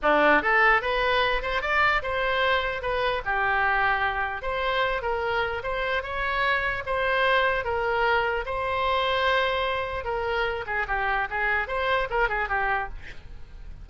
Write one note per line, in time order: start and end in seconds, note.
0.02 0.42 D4
0.42 0.81 A4
0.81 1.41 B4
1.41 1.61 C5
1.61 2.01 D5
2.02 2.82 C5
2.82 3.22 B4
3.25 4.41 G4
4.41 5.02 C5
5.02 5.62 A#4
5.63 6.02 C5
6.02 6.83 C#5
6.86 7.64 C5
7.64 8.45 A#4
8.45 10.04 C5
10.04 10.65 A#4
10.66 10.86 G#4
10.87 11.28 G4
11.30 11.67 G#4
11.67 12.08 C5
12.10 12.29 A#4
12.29 12.48 G#4
12.48 12.89 G4